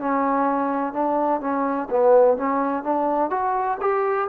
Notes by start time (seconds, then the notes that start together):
0.00 C#4
0.94 D4
1.41 C#4
1.91 B3
2.38 C#4
2.84 D4
3.31 F#4
3.81 G4